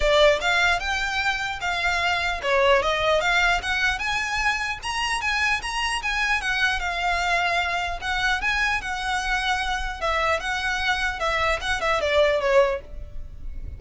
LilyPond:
\new Staff \with { instrumentName = "violin" } { \time 4/4 \tempo 4 = 150 d''4 f''4 g''2 | f''2 cis''4 dis''4 | f''4 fis''4 gis''2 | ais''4 gis''4 ais''4 gis''4 |
fis''4 f''2. | fis''4 gis''4 fis''2~ | fis''4 e''4 fis''2 | e''4 fis''8 e''8 d''4 cis''4 | }